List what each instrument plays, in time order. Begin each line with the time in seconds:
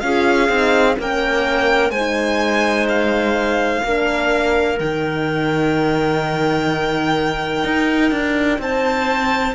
0.00 cello C#4, horn F4, clarinet G#4, violin F5
0.49 cello C4, horn D#4
0.97 cello A#3, horn C#4, clarinet A#4, violin G5
1.90 cello G#3, clarinet C5, violin G#5
1.96 horn D#4
2.88 violin F5
3.84 cello A#3, horn D4, clarinet A#4
4.79 cello D#3, horn D#4, violin G5
7.64 cello D#4
8.11 cello D4
8.59 cello C4, clarinet C5, violin A5